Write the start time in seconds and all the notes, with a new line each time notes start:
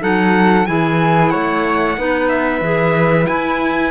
0.00 F#3 D#4 A4 F#5
0.65 E3 E4 G#4 G#5
1.30 A3 C#5 F#5
1.97 B3 D#4 B4
2.29 E5
2.61 E3 G#4
3.26 E4 G#5